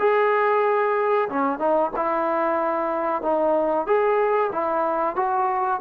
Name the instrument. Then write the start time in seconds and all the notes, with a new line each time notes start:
trombone
0.00 G#4
1.30 C#4
1.60 D#4
1.96 E4
3.23 D#4
3.87 G#4
4.53 E4
5.16 F#4